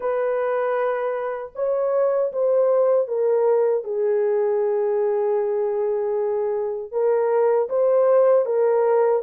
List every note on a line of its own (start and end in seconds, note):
0.00 1.51 B4
1.55 2.31 C#5
2.32 3.07 C5
3.07 3.84 A#4
3.84 6.91 G#4
6.91 7.68 A#4
7.69 8.45 C5
8.45 9.22 A#4